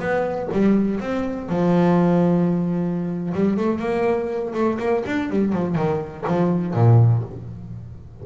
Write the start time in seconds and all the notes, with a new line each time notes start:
0.00 B3
0.53 G3
1.01 C4
1.49 F3
3.35 G3
3.58 A3
3.80 A#3
4.54 A3
4.80 A#3
5.07 D4
5.30 G3
5.53 F3
5.76 D#3
6.28 F3
6.74 A#2